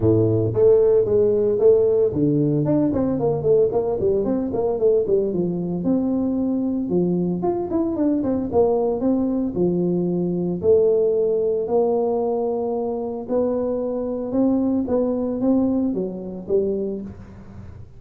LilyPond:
\new Staff \with { instrumentName = "tuba" } { \time 4/4 \tempo 4 = 113 a,4 a4 gis4 a4 | d4 d'8 c'8 ais8 a8 ais8 g8 | c'8 ais8 a8 g8 f4 c'4~ | c'4 f4 f'8 e'8 d'8 c'8 |
ais4 c'4 f2 | a2 ais2~ | ais4 b2 c'4 | b4 c'4 fis4 g4 | }